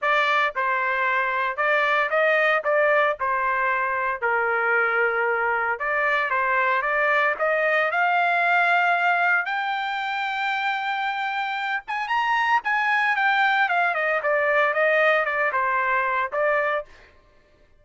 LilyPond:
\new Staff \with { instrumentName = "trumpet" } { \time 4/4 \tempo 4 = 114 d''4 c''2 d''4 | dis''4 d''4 c''2 | ais'2. d''4 | c''4 d''4 dis''4 f''4~ |
f''2 g''2~ | g''2~ g''8 gis''8 ais''4 | gis''4 g''4 f''8 dis''8 d''4 | dis''4 d''8 c''4. d''4 | }